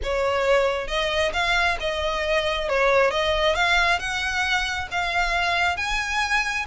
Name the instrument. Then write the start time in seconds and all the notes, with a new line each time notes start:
violin
0.03 C#5
0.87 D#5
1.33 F5
1.80 D#5
2.68 C#5
3.11 D#5
3.55 F5
3.99 F#5
4.91 F5
5.77 G#5